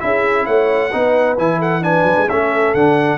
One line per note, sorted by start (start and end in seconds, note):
0.00 0.47 C#4
0.00 0.91 E4
0.00 0.46 G#4
0.00 0.46 E5
0.46 0.93 A3
0.46 0.91 C#5
0.46 1.37 F#5
0.92 1.38 B3
0.92 1.38 D#4
0.92 1.59 B4
1.38 2.04 E3
1.38 1.82 E4
1.38 1.61 G#5
1.59 1.82 A4
1.59 1.84 F#5
1.82 2.27 D4
1.82 2.29 B4
1.82 2.29 G#5
2.04 2.15 F#3
2.18 2.29 G#3
2.29 2.75 A3
2.29 2.76 C#4
2.29 3.18 A4
2.29 2.75 E5
2.75 3.18 D3
2.75 3.18 D4
2.75 3.18 F#5